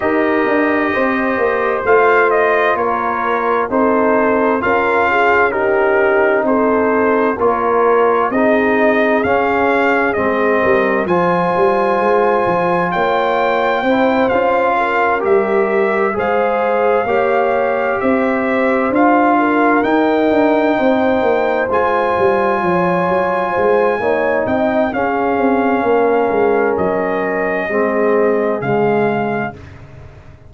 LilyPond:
<<
  \new Staff \with { instrumentName = "trumpet" } { \time 4/4 \tempo 4 = 65 dis''2 f''8 dis''8 cis''4 | c''4 f''4 ais'4 c''4 | cis''4 dis''4 f''4 dis''4 | gis''2 g''4. f''8~ |
f''8 e''4 f''2 e''8~ | e''8 f''4 g''2 gis''8~ | gis''2~ gis''8 g''8 f''4~ | f''4 dis''2 f''4 | }
  \new Staff \with { instrumentName = "horn" } { \time 4/4 ais'4 c''2 ais'4 | a'4 ais'8 gis'8 g'4 a'4 | ais'4 gis'2~ gis'8 ais'8 | c''2 cis''4 c''4 |
ais'4. c''4 cis''4 c''8~ | c''4 ais'4. c''4.~ | c''8 cis''4 c''8 cis''8 dis''8 gis'4 | ais'2 gis'2 | }
  \new Staff \with { instrumentName = "trombone" } { \time 4/4 g'2 f'2 | dis'4 f'4 dis'2 | f'4 dis'4 cis'4 c'4 | f'2. e'8 f'8~ |
f'8 g'4 gis'4 g'4.~ | g'8 f'4 dis'2 f'8~ | f'2 dis'4 cis'4~ | cis'2 c'4 gis4 | }
  \new Staff \with { instrumentName = "tuba" } { \time 4/4 dis'8 d'8 c'8 ais8 a4 ais4 | c'4 cis'2 c'4 | ais4 c'4 cis'4 gis8 g8 | f8 g8 gis8 f8 ais4 c'8 cis'8~ |
cis'8 g4 gis4 ais4 c'8~ | c'8 d'4 dis'8 d'8 c'8 ais8 gis8 | g8 f8 fis8 gis8 ais8 c'8 cis'8 c'8 | ais8 gis8 fis4 gis4 cis4 | }
>>